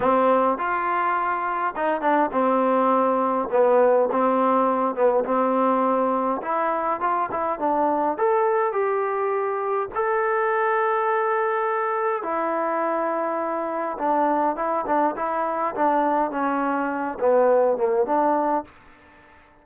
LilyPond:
\new Staff \with { instrumentName = "trombone" } { \time 4/4 \tempo 4 = 103 c'4 f'2 dis'8 d'8 | c'2 b4 c'4~ | c'8 b8 c'2 e'4 | f'8 e'8 d'4 a'4 g'4~ |
g'4 a'2.~ | a'4 e'2. | d'4 e'8 d'8 e'4 d'4 | cis'4. b4 ais8 d'4 | }